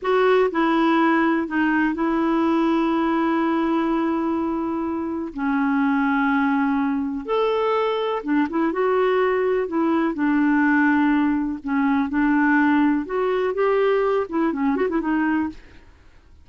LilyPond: \new Staff \with { instrumentName = "clarinet" } { \time 4/4 \tempo 4 = 124 fis'4 e'2 dis'4 | e'1~ | e'2. cis'4~ | cis'2. a'4~ |
a'4 d'8 e'8 fis'2 | e'4 d'2. | cis'4 d'2 fis'4 | g'4. e'8 cis'8 fis'16 e'16 dis'4 | }